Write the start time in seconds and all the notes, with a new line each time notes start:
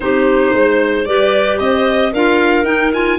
0.00 C4 D#4 G4 C5
0.53 G#3 C5
1.05 G3 G4 B4 D5
1.59 C4 C5 D#5
2.12 D4 F4 A#4 F5
2.63 D#4 G5
2.92 F4 G#5